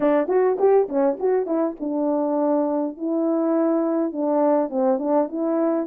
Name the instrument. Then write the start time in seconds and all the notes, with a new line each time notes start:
horn
0.00 D4
0.28 F#4
0.59 G4
0.88 C#4
1.19 F#4
1.46 E4
1.80 D4
2.97 E4
4.12 D4
4.69 C4
4.98 D4
5.28 E4